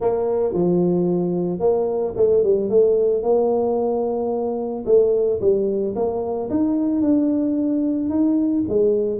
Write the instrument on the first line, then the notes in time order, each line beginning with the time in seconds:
tuba
0.00 A#3
0.53 F3
1.59 A#3
2.16 A3
2.43 G3
2.69 A3
3.22 A#3
4.85 A3
5.40 G3
5.95 A#3
6.50 D#4
7.01 D4
8.09 D#4
8.68 G#3